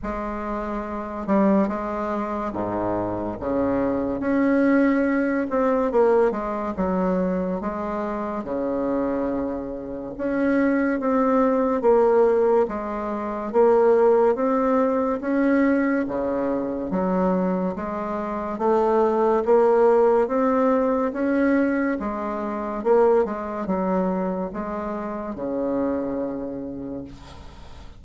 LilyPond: \new Staff \with { instrumentName = "bassoon" } { \time 4/4 \tempo 4 = 71 gis4. g8 gis4 gis,4 | cis4 cis'4. c'8 ais8 gis8 | fis4 gis4 cis2 | cis'4 c'4 ais4 gis4 |
ais4 c'4 cis'4 cis4 | fis4 gis4 a4 ais4 | c'4 cis'4 gis4 ais8 gis8 | fis4 gis4 cis2 | }